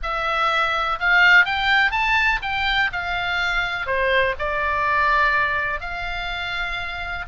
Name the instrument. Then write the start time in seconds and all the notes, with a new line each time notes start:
oboe
0.02 E5
0.99 F5
1.45 G5
1.91 A5
2.42 G5
2.92 F5
3.86 C5
4.38 D5
5.80 F5